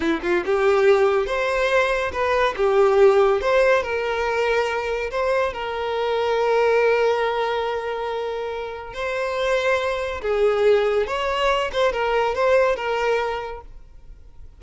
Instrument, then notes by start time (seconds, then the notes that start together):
violin
0.00 E4
0.22 F4
0.45 G4
1.26 C5
2.12 B4
2.56 G4
3.41 C5
3.82 A#4
5.11 C5
5.53 A#4
8.93 C5
10.21 G#4
11.06 C#5
11.72 C5
11.92 A#4
12.34 C5
12.75 A#4